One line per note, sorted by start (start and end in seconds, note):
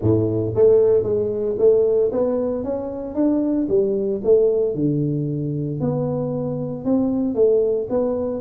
0.01 0.54 A2
0.55 1.03 A3
1.03 1.56 G#3
1.58 2.11 A3
2.12 2.64 B3
2.64 3.14 C#4
3.14 3.67 D4
3.68 4.21 G3
4.23 4.75 A3
4.75 5.80 D3
5.80 6.84 B3
6.84 7.34 C4
7.34 7.87 A3
7.89 8.40 B3